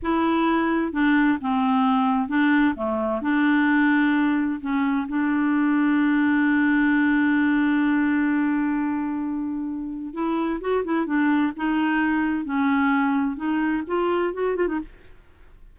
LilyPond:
\new Staff \with { instrumentName = "clarinet" } { \time 4/4 \tempo 4 = 130 e'2 d'4 c'4~ | c'4 d'4 a4 d'4~ | d'2 cis'4 d'4~ | d'1~ |
d'1~ | d'2 e'4 fis'8 e'8 | d'4 dis'2 cis'4~ | cis'4 dis'4 f'4 fis'8 f'16 dis'16 | }